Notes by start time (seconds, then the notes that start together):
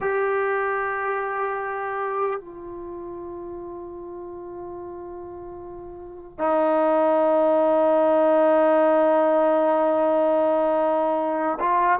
0.00 G4
2.40 F4
6.38 D#4
11.59 F4